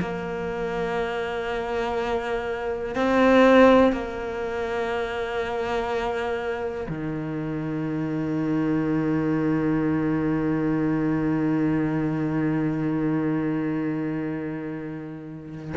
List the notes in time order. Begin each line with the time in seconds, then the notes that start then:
0.00 A#3
2.95 C4
3.92 A#3
6.89 D#3